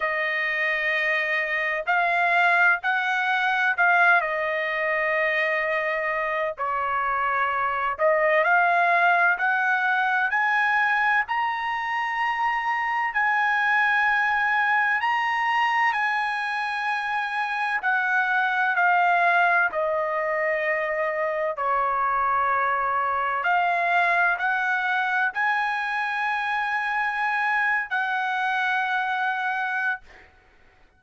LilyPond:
\new Staff \with { instrumentName = "trumpet" } { \time 4/4 \tempo 4 = 64 dis''2 f''4 fis''4 | f''8 dis''2~ dis''8 cis''4~ | cis''8 dis''8 f''4 fis''4 gis''4 | ais''2 gis''2 |
ais''4 gis''2 fis''4 | f''4 dis''2 cis''4~ | cis''4 f''4 fis''4 gis''4~ | gis''4.~ gis''16 fis''2~ fis''16 | }